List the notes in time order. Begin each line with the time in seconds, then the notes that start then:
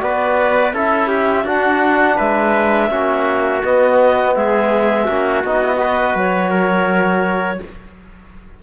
0.00 B3 F#4 B4 D5
0.73 C#4 E4 A4 E5
1.08 G4
1.44 D4 F#4 F#5
2.16 G#3 B4 E5
2.89 A#3 C#4 F#4
3.62 B3 D#5
4.34 G#3 G#4 E5
5.05 A#3 C#4 F#4
5.44 B3 D#4 D#5
5.63 E4
5.77 F#4 B4
6.15 F#3 C#5
6.50 A#4